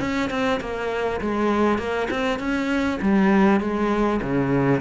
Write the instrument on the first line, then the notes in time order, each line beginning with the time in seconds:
cello
0.00 C#4
0.30 C4
0.60 A#3
1.21 G#3
1.78 A#3
2.10 C4
2.39 C#4
3.02 G3
3.60 G#3
4.22 C#3